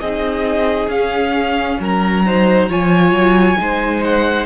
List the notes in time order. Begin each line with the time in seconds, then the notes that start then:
0.00 C4 D#4 G#4 D#5
0.88 C#4 F5
1.80 F#3 A#4 A#5
2.26 D#4 C5
2.69 F3 F4 C#5 G#5
3.11 F#3
3.58 G#3 D#4 C5
4.04 F#5